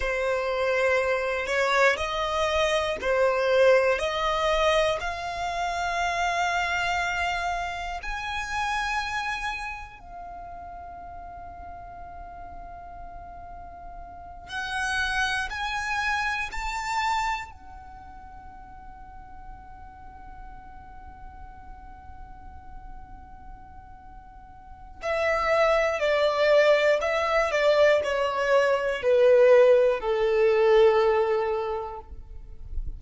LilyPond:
\new Staff \with { instrumentName = "violin" } { \time 4/4 \tempo 4 = 60 c''4. cis''8 dis''4 c''4 | dis''4 f''2. | gis''2 f''2~ | f''2~ f''8 fis''4 gis''8~ |
gis''8 a''4 fis''2~ fis''8~ | fis''1~ | fis''4 e''4 d''4 e''8 d''8 | cis''4 b'4 a'2 | }